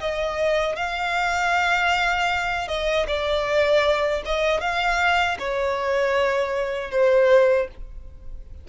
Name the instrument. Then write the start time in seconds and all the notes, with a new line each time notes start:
violin
0.00 D#5
0.76 F5
2.68 D#5
3.07 D5
4.25 D#5
4.60 F5
5.39 C#5
6.91 C5